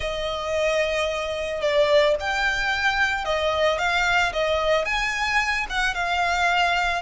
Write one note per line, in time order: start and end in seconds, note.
0.00 1.61 D#5
1.61 2.15 D5
2.20 3.25 G5
3.25 3.78 D#5
3.78 4.32 F5
4.32 4.85 D#5
4.85 5.66 G#5
5.69 5.94 F#5
5.94 7.01 F5